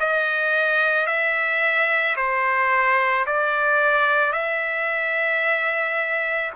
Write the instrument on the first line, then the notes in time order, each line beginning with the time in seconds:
trumpet
0.00 D#5
1.07 E5
2.17 C5
3.27 D5
4.33 E5